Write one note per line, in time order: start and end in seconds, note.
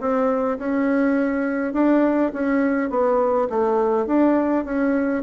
0.00 0.58 C4
0.59 1.73 C#4
1.73 2.32 D4
2.33 2.90 C#4
2.90 3.48 B3
3.50 4.06 A3
4.06 4.65 D4
4.65 5.23 C#4